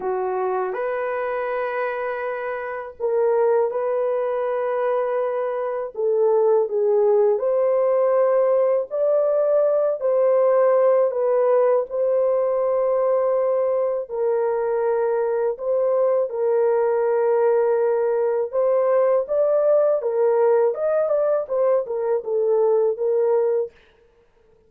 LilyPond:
\new Staff \with { instrumentName = "horn" } { \time 4/4 \tempo 4 = 81 fis'4 b'2. | ais'4 b'2. | a'4 gis'4 c''2 | d''4. c''4. b'4 |
c''2. ais'4~ | ais'4 c''4 ais'2~ | ais'4 c''4 d''4 ais'4 | dis''8 d''8 c''8 ais'8 a'4 ais'4 | }